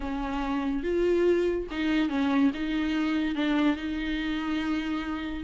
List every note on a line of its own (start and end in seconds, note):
0.00 0.83 C#4
0.83 1.67 F4
1.71 2.09 D#4
2.09 2.51 C#4
2.54 3.35 D#4
3.35 3.76 D4
3.76 5.44 D#4